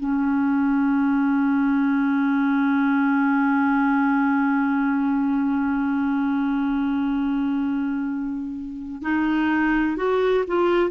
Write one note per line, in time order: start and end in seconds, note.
0.00 9.03 C#4
9.03 9.97 D#4
9.97 10.45 F#4
10.48 10.91 F4